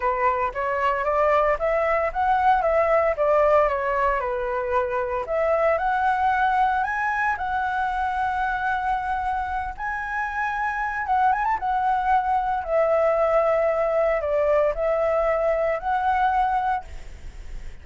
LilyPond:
\new Staff \with { instrumentName = "flute" } { \time 4/4 \tempo 4 = 114 b'4 cis''4 d''4 e''4 | fis''4 e''4 d''4 cis''4 | b'2 e''4 fis''4~ | fis''4 gis''4 fis''2~ |
fis''2~ fis''8 gis''4.~ | gis''4 fis''8 gis''16 a''16 fis''2 | e''2. d''4 | e''2 fis''2 | }